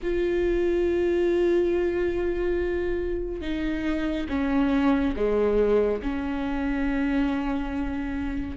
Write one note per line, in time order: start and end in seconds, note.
0.02 3.41 F4
3.41 4.26 D#4
4.29 5.14 C#4
5.15 6.01 G#3
6.02 8.57 C#4